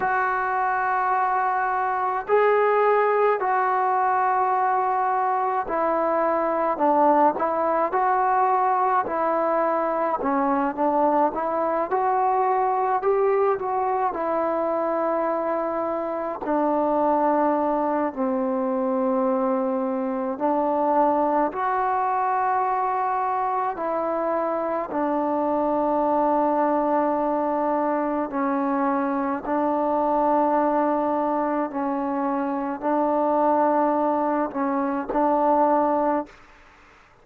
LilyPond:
\new Staff \with { instrumentName = "trombone" } { \time 4/4 \tempo 4 = 53 fis'2 gis'4 fis'4~ | fis'4 e'4 d'8 e'8 fis'4 | e'4 cis'8 d'8 e'8 fis'4 g'8 | fis'8 e'2 d'4. |
c'2 d'4 fis'4~ | fis'4 e'4 d'2~ | d'4 cis'4 d'2 | cis'4 d'4. cis'8 d'4 | }